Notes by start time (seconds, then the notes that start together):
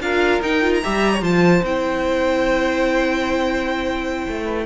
0.00 D4 F4 A#4 F5
0.42 D#4 G5
0.61 F4
0.74 A#5
0.83 G3 G4 E5
1.13 C#5
1.21 F3 F4 C5 A5
1.63 C4 E4 G5
4.27 A3
4.44 B4